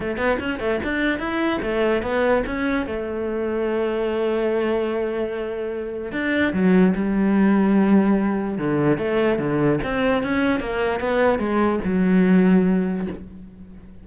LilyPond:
\new Staff \with { instrumentName = "cello" } { \time 4/4 \tempo 4 = 147 a8 b8 cis'8 a8 d'4 e'4 | a4 b4 cis'4 a4~ | a1~ | a2. d'4 |
fis4 g2.~ | g4 d4 a4 d4 | c'4 cis'4 ais4 b4 | gis4 fis2. | }